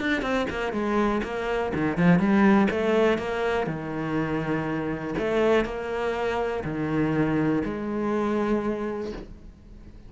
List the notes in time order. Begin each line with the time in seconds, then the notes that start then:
0.00 D4
0.22 C4
0.50 A#3
0.72 G#3
1.23 A#3
1.74 D#3
1.97 F3
2.19 G3
2.70 A3
3.18 A#3
3.67 D#3
5.18 A3
5.65 A#3
6.64 D#3
7.64 G#3